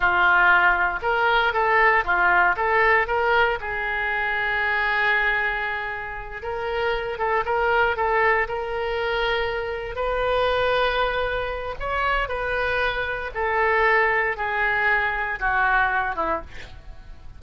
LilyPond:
\new Staff \with { instrumentName = "oboe" } { \time 4/4 \tempo 4 = 117 f'2 ais'4 a'4 | f'4 a'4 ais'4 gis'4~ | gis'1~ | gis'8 ais'4. a'8 ais'4 a'8~ |
a'8 ais'2. b'8~ | b'2. cis''4 | b'2 a'2 | gis'2 fis'4. e'8 | }